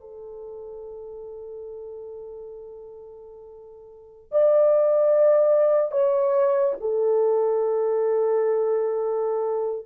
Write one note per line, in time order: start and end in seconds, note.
0.00 4.31 A4
4.31 5.91 D5
5.91 6.74 C#5
6.80 9.86 A4